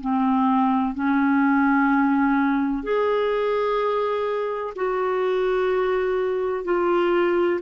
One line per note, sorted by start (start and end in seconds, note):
0.00 0.94 C4
0.94 2.83 C#4
2.83 4.73 G#4
4.75 6.65 F#4
6.65 7.60 F4